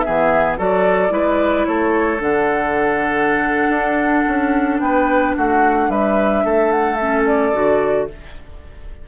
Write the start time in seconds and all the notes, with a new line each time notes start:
0.00 B3 G#4 E5
0.07 E3
0.58 F#3 F#4 A4 D5
1.09 G#3 E4 B4
1.66 A3 A4 C#5
2.19 D3 D4 F#5
3.69 D4
4.28 C#4
4.80 B3 B4 G5
5.36 A3 F#4 F#5
5.89 G3 B4 E5
6.44 A3 A4
6.72 F#5
6.95 C#4 E5
7.26 D5
7.53 D3 F#4